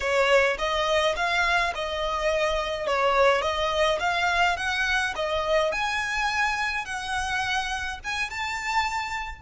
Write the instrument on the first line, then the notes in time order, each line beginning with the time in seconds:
violin
0.00 C#5
0.58 D#5
1.16 F5
1.74 D#5
2.86 C#5
3.41 D#5
3.99 F5
4.57 F#5
5.15 D#5
5.71 G#5
6.85 F#5
8.04 G#5
8.30 A5